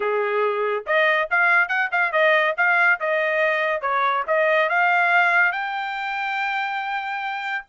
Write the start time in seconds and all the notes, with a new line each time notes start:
0.00 G#4
0.86 D#5
1.30 F5
1.68 F#5
1.91 F5
2.12 D#5
2.57 F5
3.00 D#5
3.81 C#5
4.27 D#5
4.69 F5
5.52 G5